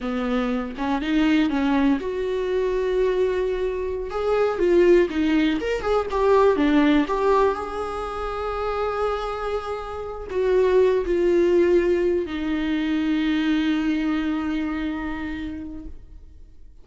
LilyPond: \new Staff \with { instrumentName = "viola" } { \time 4/4 \tempo 4 = 121 b4. cis'8 dis'4 cis'4 | fis'1~ | fis'16 gis'4 f'4 dis'4 ais'8 gis'16~ | gis'16 g'4 d'4 g'4 gis'8.~ |
gis'1~ | gis'8. fis'4. f'4.~ f'16~ | f'8. dis'2.~ dis'16~ | dis'1 | }